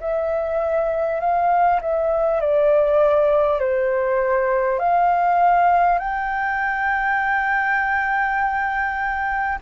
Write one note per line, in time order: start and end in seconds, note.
0.00 1.20 E5
1.20 1.80 F5
1.82 2.41 E5
2.41 3.59 D5
3.59 4.79 C5
4.79 5.99 F5
5.99 9.59 G5